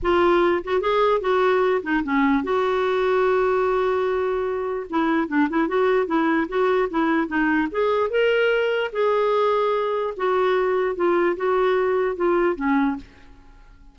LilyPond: \new Staff \with { instrumentName = "clarinet" } { \time 4/4 \tempo 4 = 148 f'4. fis'8 gis'4 fis'4~ | fis'8 dis'8 cis'4 fis'2~ | fis'1 | e'4 d'8 e'8 fis'4 e'4 |
fis'4 e'4 dis'4 gis'4 | ais'2 gis'2~ | gis'4 fis'2 f'4 | fis'2 f'4 cis'4 | }